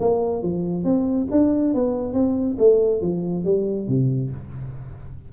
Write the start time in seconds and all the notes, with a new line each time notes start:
0.00 A#3
0.43 F3
0.84 C4
1.31 D4
1.74 B3
2.13 C4
2.59 A3
3.01 F3
3.44 G3
3.88 C3